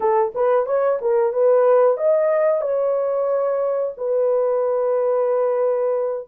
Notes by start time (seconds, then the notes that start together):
0.00 A4
0.34 B4
0.66 C#5
1.01 A#4
1.32 B4
1.97 D#5
2.61 C#5
3.97 B4